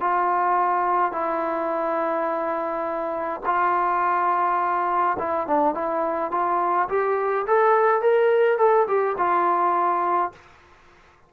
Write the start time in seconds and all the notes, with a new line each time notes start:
0.00 F4
1.12 E4
3.45 F4
5.19 E4
5.47 D4
5.74 E4
6.31 F4
6.89 G4
7.46 A4
8.01 A#4
8.58 A4
8.88 G4
9.17 F4